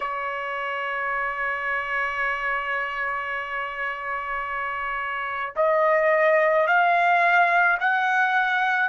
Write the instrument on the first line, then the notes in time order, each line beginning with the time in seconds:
trumpet
0.00 C#5
5.56 D#5
6.67 F5
7.80 F#5